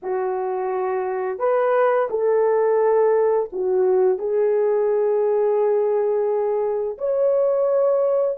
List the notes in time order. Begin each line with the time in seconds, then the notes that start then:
0.02 F#4
1.38 B4
2.10 A4
3.52 F#4
4.18 G#4
6.98 C#5